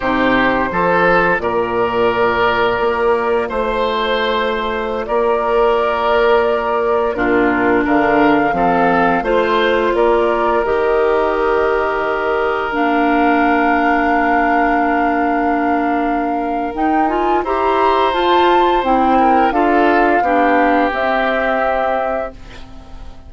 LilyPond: <<
  \new Staff \with { instrumentName = "flute" } { \time 4/4 \tempo 4 = 86 c''2 d''2~ | d''4 c''2~ c''16 d''8.~ | d''2~ d''16 ais'4 f''8.~ | f''4~ f''16 c''4 d''4 dis''8.~ |
dis''2~ dis''16 f''4.~ f''16~ | f''1 | g''8 gis''8 ais''4 a''4 g''4 | f''2 e''2 | }
  \new Staff \with { instrumentName = "oboe" } { \time 4/4 g'4 a'4 ais'2~ | ais'4 c''2~ c''16 ais'8.~ | ais'2~ ais'16 f'4 ais'8.~ | ais'16 a'4 c''4 ais'4.~ ais'16~ |
ais'1~ | ais'1~ | ais'4 c''2~ c''8 ais'8 | a'4 g'2. | }
  \new Staff \with { instrumentName = "clarinet" } { \time 4/4 dis'4 f'2.~ | f'1~ | f'2~ f'16 d'4.~ d'16~ | d'16 c'4 f'2 g'8.~ |
g'2~ g'16 d'4.~ d'16~ | d'1 | dis'8 f'8 g'4 f'4 e'4 | f'4 d'4 c'2 | }
  \new Staff \with { instrumentName = "bassoon" } { \time 4/4 c4 f4 ais,2 | ais4 a2~ a16 ais8.~ | ais2~ ais16 ais,4 d8.~ | d16 f4 a4 ais4 dis8.~ |
dis2~ dis16 ais4.~ ais16~ | ais1 | dis'4 e'4 f'4 c'4 | d'4 b4 c'2 | }
>>